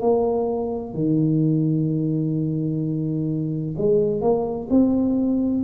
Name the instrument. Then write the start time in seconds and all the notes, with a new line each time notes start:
tuba
0.00 A#3
0.94 D#3
3.77 G#3
4.21 A#3
4.70 C4